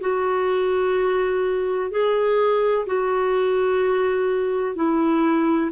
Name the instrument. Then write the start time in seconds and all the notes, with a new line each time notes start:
clarinet
0.00 F#4
1.91 G#4
2.86 F#4
4.75 E4